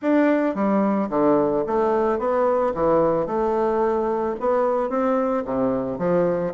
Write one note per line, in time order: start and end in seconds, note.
0.02 0.55 D4
0.55 1.09 G3
1.09 1.64 D3
1.66 2.18 A3
2.18 2.73 B3
2.74 3.26 E3
3.26 4.35 A3
4.40 4.89 B3
4.89 5.44 C4
5.44 5.98 C3
5.98 6.53 F3